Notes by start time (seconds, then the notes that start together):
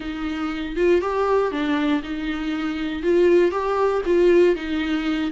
0.00 D#4
0.75 F4
1.01 G4
1.51 D4
2.02 D#4
3.02 F4
3.51 G4
4.05 F4
4.55 D#4